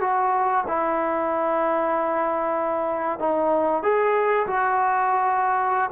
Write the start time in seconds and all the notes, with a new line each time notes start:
0.00 F#4
0.67 E4
3.19 D#4
3.82 G#4
4.47 F#4